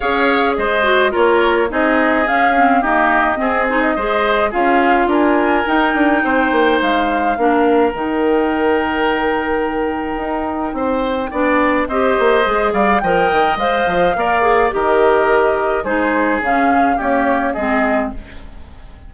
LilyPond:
<<
  \new Staff \with { instrumentName = "flute" } { \time 4/4 \tempo 4 = 106 f''4 dis''4 cis''4 dis''4 | f''4 dis''4. c''16 dis''4~ dis''16 | f''4 gis''4 g''2 | f''2 g''2~ |
g''1~ | g''4 dis''4. f''8 g''4 | f''2 dis''2 | c''4 f''4 cis''4 dis''4 | }
  \new Staff \with { instrumentName = "oboe" } { \time 4/4 cis''4 c''4 ais'4 gis'4~ | gis'4 g'4 gis'4 c''4 | gis'4 ais'2 c''4~ | c''4 ais'2.~ |
ais'2. c''4 | d''4 c''4. d''8 dis''4~ | dis''4 d''4 ais'2 | gis'2 g'4 gis'4 | }
  \new Staff \with { instrumentName = "clarinet" } { \time 4/4 gis'4. fis'8 f'4 dis'4 | cis'8 c'8 ais4 c'8 dis'8 gis'4 | f'2 dis'2~ | dis'4 d'4 dis'2~ |
dis'1 | d'4 g'4 gis'4 ais'4 | c''4 ais'8 gis'8 g'2 | dis'4 cis'4 ais4 c'4 | }
  \new Staff \with { instrumentName = "bassoon" } { \time 4/4 cis'4 gis4 ais4 c'4 | cis'4 dis'4 c'4 gis4 | cis'4 d'4 dis'8 d'8 c'8 ais8 | gis4 ais4 dis2~ |
dis2 dis'4 c'4 | b4 c'8 ais8 gis8 g8 f8 dis8 | gis8 f8 ais4 dis2 | gis4 cis4 cis'4 gis4 | }
>>